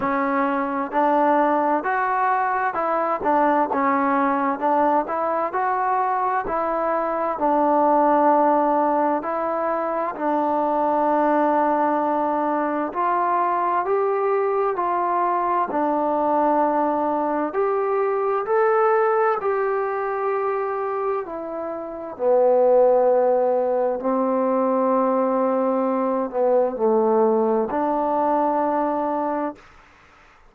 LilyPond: \new Staff \with { instrumentName = "trombone" } { \time 4/4 \tempo 4 = 65 cis'4 d'4 fis'4 e'8 d'8 | cis'4 d'8 e'8 fis'4 e'4 | d'2 e'4 d'4~ | d'2 f'4 g'4 |
f'4 d'2 g'4 | a'4 g'2 e'4 | b2 c'2~ | c'8 b8 a4 d'2 | }